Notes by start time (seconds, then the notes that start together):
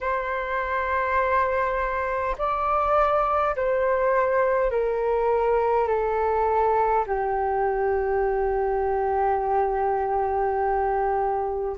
0.00 C5
2.37 D5
3.56 C5
4.71 A#4
5.87 A4
7.06 G4